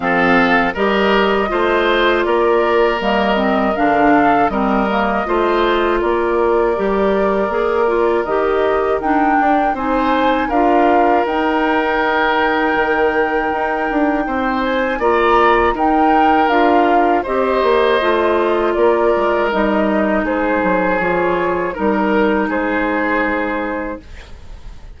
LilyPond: <<
  \new Staff \with { instrumentName = "flute" } { \time 4/4 \tempo 4 = 80 f''4 dis''2 d''4 | dis''4 f''4 dis''2 | d''2. dis''4 | g''4 gis''4 f''4 g''4~ |
g''2.~ g''8 gis''8 | ais''4 g''4 f''4 dis''4~ | dis''4 d''4 dis''4 c''4 | cis''4 ais'4 c''2 | }
  \new Staff \with { instrumentName = "oboe" } { \time 4/4 a'4 ais'4 c''4 ais'4~ | ais'4. a'8 ais'4 c''4 | ais'1~ | ais'4 c''4 ais'2~ |
ais'2. c''4 | d''4 ais'2 c''4~ | c''4 ais'2 gis'4~ | gis'4 ais'4 gis'2 | }
  \new Staff \with { instrumentName = "clarinet" } { \time 4/4 c'4 g'4 f'2 | ais8 c'8 d'4 c'8 ais8 f'4~ | f'4 g'4 gis'8 f'8 g'4 | d'4 dis'4 f'4 dis'4~ |
dis'1 | f'4 dis'4 f'4 g'4 | f'2 dis'2 | f'4 dis'2. | }
  \new Staff \with { instrumentName = "bassoon" } { \time 4/4 f4 g4 a4 ais4 | g4 d4 g4 a4 | ais4 g4 ais4 dis4 | dis'8 d'8 c'4 d'4 dis'4~ |
dis'4 dis4 dis'8 d'8 c'4 | ais4 dis'4 d'4 c'8 ais8 | a4 ais8 gis8 g4 gis8 fis8 | f4 g4 gis2 | }
>>